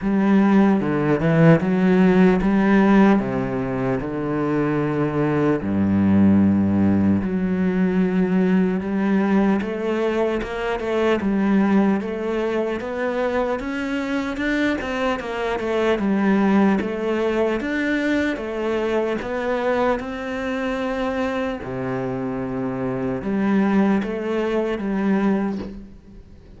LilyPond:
\new Staff \with { instrumentName = "cello" } { \time 4/4 \tempo 4 = 75 g4 d8 e8 fis4 g4 | c4 d2 g,4~ | g,4 fis2 g4 | a4 ais8 a8 g4 a4 |
b4 cis'4 d'8 c'8 ais8 a8 | g4 a4 d'4 a4 | b4 c'2 c4~ | c4 g4 a4 g4 | }